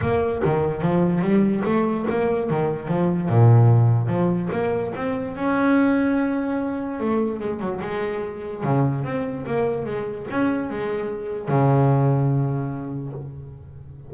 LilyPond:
\new Staff \with { instrumentName = "double bass" } { \time 4/4 \tempo 4 = 146 ais4 dis4 f4 g4 | a4 ais4 dis4 f4 | ais,2 f4 ais4 | c'4 cis'2.~ |
cis'4 a4 gis8 fis8 gis4~ | gis4 cis4 c'4 ais4 | gis4 cis'4 gis2 | cis1 | }